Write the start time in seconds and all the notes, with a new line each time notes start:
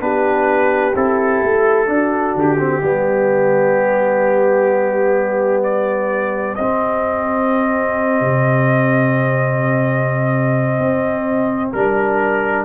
0.00 B3 D4 G4 B4
0.95 C4 E4 A4
1.43 A3
1.87 D4 F#4
2.35 D3 G4
2.58 C4
2.83 G3 B3 G4
5.64 D5
6.55 C4 D#5
8.21 C3
10.79 C4
11.73 G3 D4 A#4